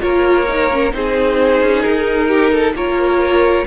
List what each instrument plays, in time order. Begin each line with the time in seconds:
0.00 cello A#3, viola F4, violin A#4 C#5
0.48 viola D#4
0.72 viola C#4
0.91 cello C4, viola D#4, violin G#4 C5
1.62 cello C#4
1.83 cello D#4, violin A#4
2.28 violin G4
2.51 violin A4
2.74 cello A#3, viola F4, violin A#4 C#5